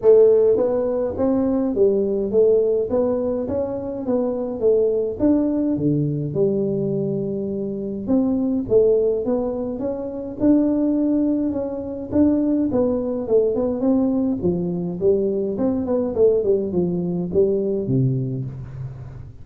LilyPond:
\new Staff \with { instrumentName = "tuba" } { \time 4/4 \tempo 4 = 104 a4 b4 c'4 g4 | a4 b4 cis'4 b4 | a4 d'4 d4 g4~ | g2 c'4 a4 |
b4 cis'4 d'2 | cis'4 d'4 b4 a8 b8 | c'4 f4 g4 c'8 b8 | a8 g8 f4 g4 c4 | }